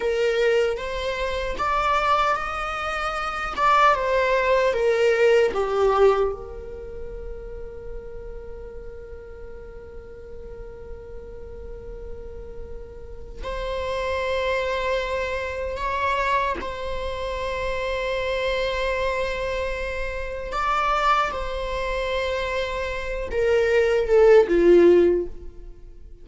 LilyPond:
\new Staff \with { instrumentName = "viola" } { \time 4/4 \tempo 4 = 76 ais'4 c''4 d''4 dis''4~ | dis''8 d''8 c''4 ais'4 g'4 | ais'1~ | ais'1~ |
ais'4 c''2. | cis''4 c''2.~ | c''2 d''4 c''4~ | c''4. ais'4 a'8 f'4 | }